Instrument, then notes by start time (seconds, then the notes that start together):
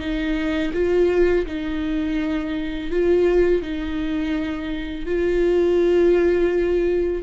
viola
0.00 D#4
0.74 F4
1.46 D#4
2.91 F4
3.62 D#4
5.06 F4